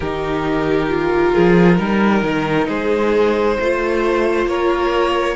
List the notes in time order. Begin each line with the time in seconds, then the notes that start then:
0.00 D#3 D#4 G4 A#4
0.89 F4
1.33 F3 G#4
1.76 G3 D#4 A#4
2.22 D#3
2.68 G#3 G#4 C5
3.59 A3 F4 C5
4.46 A#3 A#4 C#5